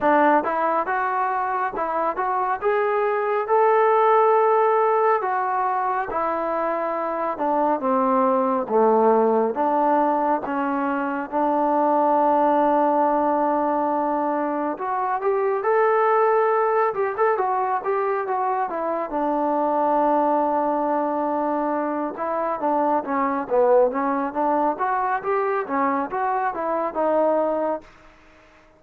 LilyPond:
\new Staff \with { instrumentName = "trombone" } { \time 4/4 \tempo 4 = 69 d'8 e'8 fis'4 e'8 fis'8 gis'4 | a'2 fis'4 e'4~ | e'8 d'8 c'4 a4 d'4 | cis'4 d'2.~ |
d'4 fis'8 g'8 a'4. g'16 a'16 | fis'8 g'8 fis'8 e'8 d'2~ | d'4. e'8 d'8 cis'8 b8 cis'8 | d'8 fis'8 g'8 cis'8 fis'8 e'8 dis'4 | }